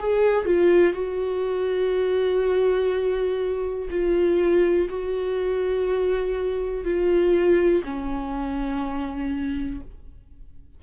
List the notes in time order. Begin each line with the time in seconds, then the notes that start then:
0.00 G#4
0.46 F4
0.94 F#4
3.91 F4
4.90 F#4
6.85 F4
7.84 C#4